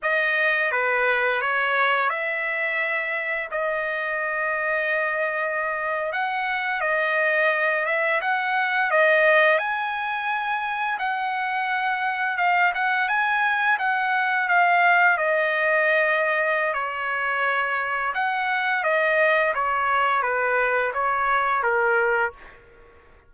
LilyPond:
\new Staff \with { instrumentName = "trumpet" } { \time 4/4 \tempo 4 = 86 dis''4 b'4 cis''4 e''4~ | e''4 dis''2.~ | dis''8. fis''4 dis''4. e''8 fis''16~ | fis''8. dis''4 gis''2 fis''16~ |
fis''4.~ fis''16 f''8 fis''8 gis''4 fis''16~ | fis''8. f''4 dis''2~ dis''16 | cis''2 fis''4 dis''4 | cis''4 b'4 cis''4 ais'4 | }